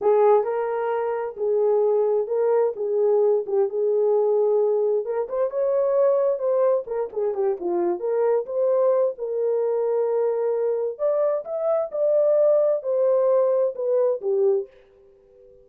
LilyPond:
\new Staff \with { instrumentName = "horn" } { \time 4/4 \tempo 4 = 131 gis'4 ais'2 gis'4~ | gis'4 ais'4 gis'4. g'8 | gis'2. ais'8 c''8 | cis''2 c''4 ais'8 gis'8 |
g'8 f'4 ais'4 c''4. | ais'1 | d''4 e''4 d''2 | c''2 b'4 g'4 | }